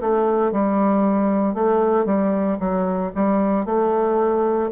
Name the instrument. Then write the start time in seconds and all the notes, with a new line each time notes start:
bassoon
0.00 A3
0.52 G3
1.54 A3
2.05 G3
2.59 F#3
3.15 G3
3.65 A3